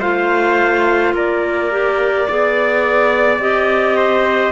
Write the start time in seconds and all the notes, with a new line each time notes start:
0.00 A3 F4 C5 F5
1.14 A#3 A#4 D5
1.71 G4
2.27 B3 G#4 D5
3.38 C4 G4 D#5
3.97 C5